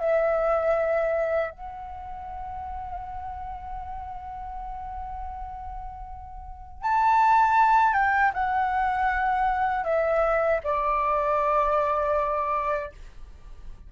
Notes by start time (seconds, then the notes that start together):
0.00 E5
1.51 F#5
6.83 A5
7.93 G5
8.34 F#5
9.84 E5
10.64 D5